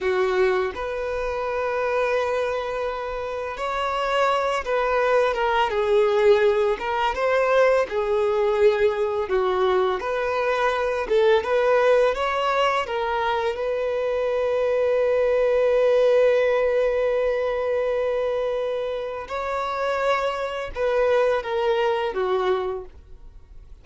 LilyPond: \new Staff \with { instrumentName = "violin" } { \time 4/4 \tempo 4 = 84 fis'4 b'2.~ | b'4 cis''4. b'4 ais'8 | gis'4. ais'8 c''4 gis'4~ | gis'4 fis'4 b'4. a'8 |
b'4 cis''4 ais'4 b'4~ | b'1~ | b'2. cis''4~ | cis''4 b'4 ais'4 fis'4 | }